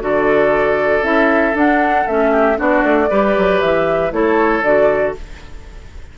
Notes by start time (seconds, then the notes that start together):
0.00 D3 F#4 A4 D5
1.01 C#4 E4 E5
1.54 D4 F#5
2.07 A3 C#4 E5
2.31 G4
2.56 B3 D4 F#4 D5
2.83 A3
3.10 G3 G4 B4
3.37 F#3
3.60 E3 E5
4.11 A3 E4 A4 C#5
4.62 D3 F#4 D5